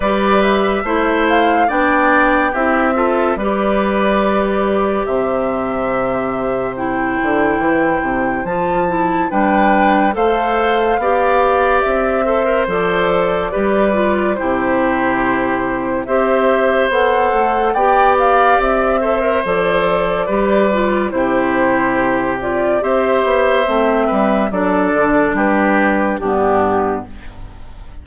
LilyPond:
<<
  \new Staff \with { instrumentName = "flute" } { \time 4/4 \tempo 4 = 71 d''8 e''4 f''8 g''4 e''4 | d''2 e''2 | g''2 a''4 g''4 | f''2 e''4 d''4~ |
d''4 c''2 e''4 | fis''4 g''8 f''8 e''4 d''4~ | d''4 c''4. d''8 e''4~ | e''4 d''4 b'4 g'4 | }
  \new Staff \with { instrumentName = "oboe" } { \time 4/4 b'4 c''4 d''4 g'8 a'8 | b'2 c''2~ | c''2. b'4 | c''4 d''4. c''4. |
b'4 g'2 c''4~ | c''4 d''4. c''4. | b'4 g'2 c''4~ | c''8 b'8 a'4 g'4 d'4 | }
  \new Staff \with { instrumentName = "clarinet" } { \time 4/4 g'4 e'4 d'4 e'8 f'8 | g'1 | e'2 f'8 e'8 d'4 | a'4 g'4. a'16 ais'16 a'4 |
g'8 f'8 e'2 g'4 | a'4 g'4. a'16 ais'16 a'4 | g'8 f'8 e'4. f'8 g'4 | c'4 d'2 b4 | }
  \new Staff \with { instrumentName = "bassoon" } { \time 4/4 g4 a4 b4 c'4 | g2 c2~ | c8 d8 e8 c8 f4 g4 | a4 b4 c'4 f4 |
g4 c2 c'4 | b8 a8 b4 c'4 f4 | g4 c2 c'8 b8 | a8 g8 fis8 d8 g4 g,4 | }
>>